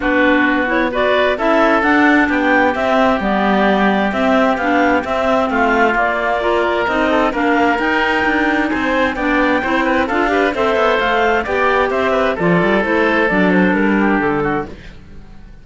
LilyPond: <<
  \new Staff \with { instrumentName = "clarinet" } { \time 4/4 \tempo 4 = 131 b'4. cis''8 d''4 e''4 | fis''4 g''4 e''4 d''4~ | d''4 e''4 f''4 e''4 | f''4 d''2 dis''4 |
f''4 g''2 gis''4 | g''2 f''4 e''4 | f''4 g''4 e''4 d''4 | c''4 d''8 c''8 ais'4 a'4 | }
  \new Staff \with { instrumentName = "oboe" } { \time 4/4 fis'2 b'4 a'4~ | a'4 g'2.~ | g'1 | f'2 ais'4. a'8 |
ais'2. c''4 | d''4 c''8 b'8 a'8 b'8 c''4~ | c''4 d''4 c''8 b'8 a'4~ | a'2~ a'8 g'4 fis'8 | }
  \new Staff \with { instrumentName = "clarinet" } { \time 4/4 d'4. e'8 fis'4 e'4 | d'2 c'4 b4~ | b4 c'4 d'4 c'4~ | c'4 ais4 f'4 dis'4 |
d'4 dis'2. | d'4 e'4 f'8 g'8 a'4~ | a'4 g'2 f'4 | e'4 d'2. | }
  \new Staff \with { instrumentName = "cello" } { \time 4/4 b2. cis'4 | d'4 b4 c'4 g4~ | g4 c'4 b4 c'4 | a4 ais2 c'4 |
ais4 dis'4 d'4 c'4 | b4 c'4 d'4 c'8 b8 | a4 b4 c'4 f8 g8 | a4 fis4 g4 d4 | }
>>